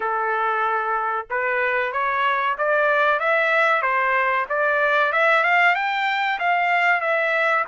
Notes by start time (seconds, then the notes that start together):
0.00 A4
1.29 B4
1.92 C#5
2.58 D5
3.19 E5
3.82 C5
4.49 D5
5.12 E5
5.43 F5
5.74 G5
6.39 F5
7.00 E5